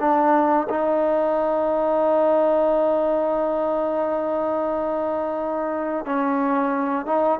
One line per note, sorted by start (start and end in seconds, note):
0.00 0.67 D4
0.69 6.06 D#4
6.06 7.06 C#4
7.06 7.39 D#4